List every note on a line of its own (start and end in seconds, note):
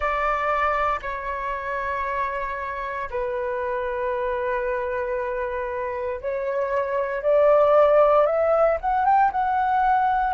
0.00 0.99 D5
1.02 3.08 C#5
3.10 6.21 B4
6.21 7.22 C#5
7.22 8.25 D5
8.25 8.77 E5
8.80 9.05 F#5
9.05 9.31 G5
9.31 10.33 F#5